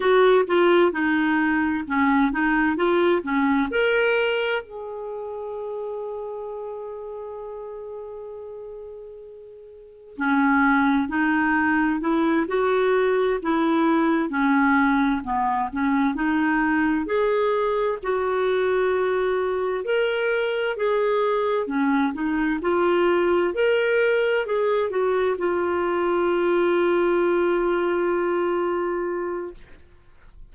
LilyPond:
\new Staff \with { instrumentName = "clarinet" } { \time 4/4 \tempo 4 = 65 fis'8 f'8 dis'4 cis'8 dis'8 f'8 cis'8 | ais'4 gis'2.~ | gis'2. cis'4 | dis'4 e'8 fis'4 e'4 cis'8~ |
cis'8 b8 cis'8 dis'4 gis'4 fis'8~ | fis'4. ais'4 gis'4 cis'8 | dis'8 f'4 ais'4 gis'8 fis'8 f'8~ | f'1 | }